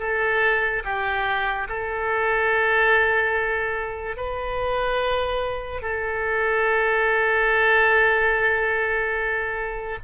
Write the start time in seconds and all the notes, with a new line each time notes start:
0.00 A4
0.85 G4
1.69 A4
4.17 B4
5.82 A4